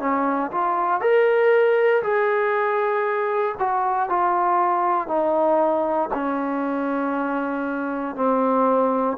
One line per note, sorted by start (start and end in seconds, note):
0.00 0.51 C#4
0.51 1.01 F4
1.01 2.02 A#4
2.03 3.55 G#4
3.59 4.09 F#4
4.09 5.08 F4
5.08 6.09 D#4
6.13 8.15 C#4
8.15 9.17 C4